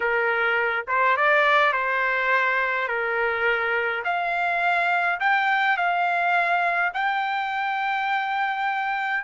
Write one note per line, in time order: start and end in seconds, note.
0.00 0.85 A#4
0.87 1.16 C5
1.16 1.73 D5
1.73 2.87 C5
2.87 4.03 A#4
4.04 5.19 F5
5.19 5.77 G5
5.77 6.92 F5
6.93 9.23 G5